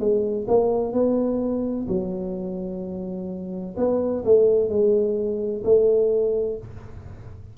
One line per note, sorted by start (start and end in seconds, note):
0.00 0.47 G#3
0.48 0.93 A#3
0.93 1.87 B3
1.88 3.76 F#3
3.77 4.24 B3
4.25 4.69 A3
4.69 5.63 G#3
5.64 6.58 A3